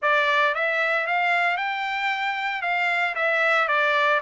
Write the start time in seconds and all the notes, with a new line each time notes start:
0.02 D5
0.55 E5
1.06 F5
1.57 G5
2.62 F5
3.15 E5
3.68 D5